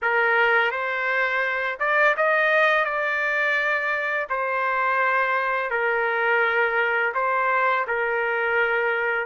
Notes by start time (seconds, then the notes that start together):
0.02 A#4
0.71 C5
1.79 D5
2.17 D#5
2.84 D5
4.29 C5
5.70 A#4
7.14 C5
7.87 A#4